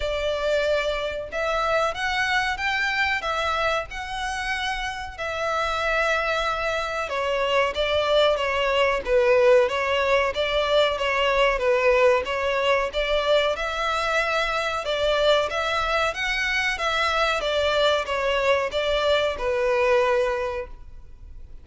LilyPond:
\new Staff \with { instrumentName = "violin" } { \time 4/4 \tempo 4 = 93 d''2 e''4 fis''4 | g''4 e''4 fis''2 | e''2. cis''4 | d''4 cis''4 b'4 cis''4 |
d''4 cis''4 b'4 cis''4 | d''4 e''2 d''4 | e''4 fis''4 e''4 d''4 | cis''4 d''4 b'2 | }